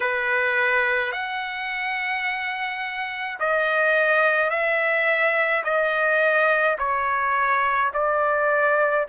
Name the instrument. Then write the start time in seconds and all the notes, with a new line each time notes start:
trumpet
0.00 B4
1.12 F#5
3.40 D#5
4.50 E5
5.63 D#5
6.78 C#5
7.93 D5